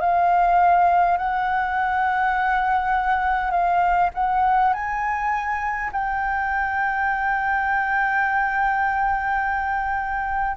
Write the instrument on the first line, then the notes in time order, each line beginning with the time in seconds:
flute
0.00 F5
1.18 F#5
3.51 F5
4.14 F#5
4.73 G#5
5.93 G5